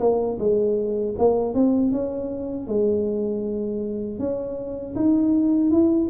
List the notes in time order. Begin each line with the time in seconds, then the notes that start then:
0.00 A#3
0.39 G#3
1.18 A#3
1.54 C4
1.92 C#4
2.68 G#3
4.19 C#4
4.95 D#4
5.70 E4